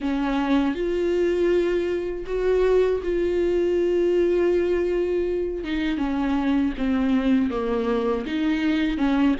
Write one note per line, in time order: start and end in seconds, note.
0.00 0.74 C#4
0.74 2.24 F4
2.26 3.01 F#4
3.03 5.64 F4
5.64 5.97 D#4
5.97 6.72 C#4
6.77 7.50 C4
7.50 8.25 A#3
8.26 8.97 D#4
8.97 9.35 C#4